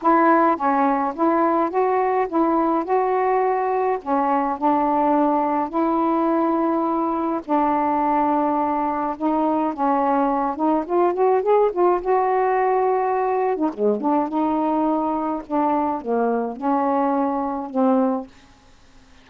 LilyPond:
\new Staff \with { instrumentName = "saxophone" } { \time 4/4 \tempo 4 = 105 e'4 cis'4 e'4 fis'4 | e'4 fis'2 cis'4 | d'2 e'2~ | e'4 d'2. |
dis'4 cis'4. dis'8 f'8 fis'8 | gis'8 f'8 fis'2~ fis'8. dis'16 | gis8 d'8 dis'2 d'4 | ais4 cis'2 c'4 | }